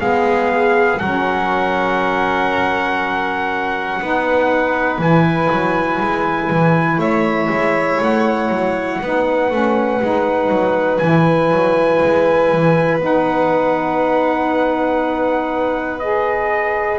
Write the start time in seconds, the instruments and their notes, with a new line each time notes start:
0.00 double bass G#3, saxophone B3, violin G#4, trumpet F5
0.99 double bass F#3, saxophone C#4, violin A#4, trumpet F#5
4.01 double bass B3, saxophone D#4, violin B4
4.99 double bass E3, saxophone E4, trumpet G#5
5.51 double bass F#3
6.01 double bass G#3
6.50 double bass E3
6.98 double bass A3, violin C#5, trumpet E5
7.50 double bass G#3
8.01 double bass A3, trumpet F#5
8.49 double bass F#3
9.01 double bass B3, saxophone D#4, violin B4
9.51 double bass A3, saxophone C#4
10.01 double bass G#3, saxophone D#4
10.49 double bass F#3
10.98 double bass E3, saxophone E4, trumpet G#5
11.51 double bass F#3
12.03 double bass G#3
12.52 double bass E3
12.99 double bass B3, saxophone D#4
13.05 trumpet F#5
15.99 saxophone G#4, trumpet D#5